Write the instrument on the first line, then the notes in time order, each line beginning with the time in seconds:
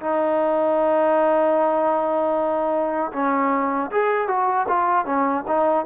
trombone
0.00 D#4
3.12 C#4
3.91 G#4
4.28 F#4
4.68 F4
5.05 C#4
5.47 D#4